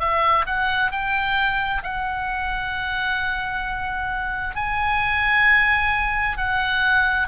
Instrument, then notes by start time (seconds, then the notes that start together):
oboe
0.00 E5
0.46 F#5
0.91 G5
1.83 F#5
4.55 G#5
6.37 F#5